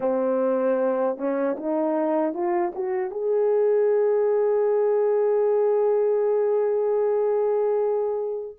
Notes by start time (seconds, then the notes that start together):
0.00 C4
1.17 C#4
1.57 D#4
2.33 F4
2.74 F#4
3.11 G#4